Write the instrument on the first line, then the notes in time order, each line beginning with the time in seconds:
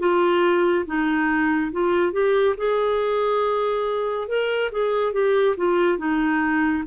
clarinet
0.00 F4
0.86 D#4
1.72 F4
2.13 G4
2.58 G#4
4.29 A#4
4.72 G#4
5.13 G4
5.57 F4
5.98 D#4